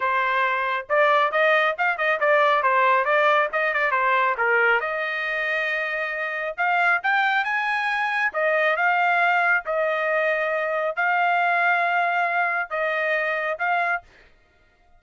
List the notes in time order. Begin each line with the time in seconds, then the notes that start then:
0.00 C5
0.89 D5
1.31 D#5
1.78 F5
1.97 D#5
2.20 D5
2.63 C5
3.04 D5
3.52 D#5
3.73 D5
3.91 C5
4.37 A#4
4.80 D#5
6.57 F5
7.03 G5
7.44 G#5
8.33 D#5
8.76 F5
9.65 D#5
10.95 F5
12.69 D#5
13.58 F5